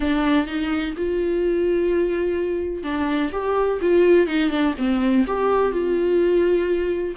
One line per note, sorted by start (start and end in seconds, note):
0.00 0.46 D4
0.46 0.94 D#4
0.97 2.83 F4
2.83 3.30 D4
3.32 3.79 G4
3.81 4.27 F4
4.27 4.50 D#4
4.50 4.74 D4
4.78 5.25 C4
5.26 5.71 G4
5.71 7.14 F4